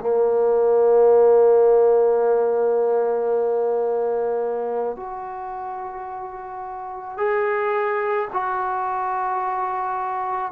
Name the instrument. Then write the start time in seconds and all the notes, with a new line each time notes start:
trombone
0.00 A#3
4.97 F#4
7.18 G#4
8.33 F#4